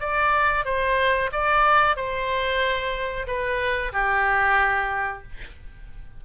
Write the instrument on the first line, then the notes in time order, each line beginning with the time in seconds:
oboe
0.00 D5
0.65 C5
1.32 D5
1.96 C5
3.27 B4
3.92 G4